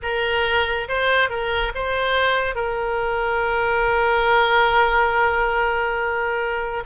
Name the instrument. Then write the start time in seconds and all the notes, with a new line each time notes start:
oboe
0.02 A#4
0.88 C5
1.29 A#4
1.75 C5
2.55 A#4